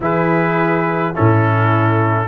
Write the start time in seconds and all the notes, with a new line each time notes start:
0.00 E3 E4 G#4 B4
1.13 A2 C#4 E4 A4